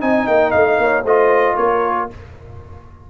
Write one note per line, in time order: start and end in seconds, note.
0.00 0.27 C4
0.00 1.03 D#4
0.00 0.80 D#5
0.00 0.27 G#5
0.27 0.53 A#3
0.27 0.51 G5
0.51 0.78 A3
0.51 1.03 F5
0.78 1.04 A#3
0.78 1.04 C#5
1.04 1.56 A3
1.04 2.10 F4
1.04 1.55 C5
1.04 1.57 D#5
1.55 2.09 A#3
1.55 2.07 A#4
1.55 2.08 C#5